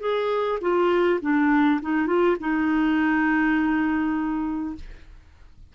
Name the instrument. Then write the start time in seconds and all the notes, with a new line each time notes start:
clarinet
0.00 G#4
0.61 F4
1.21 D4
1.82 D#4
2.07 F4
2.40 D#4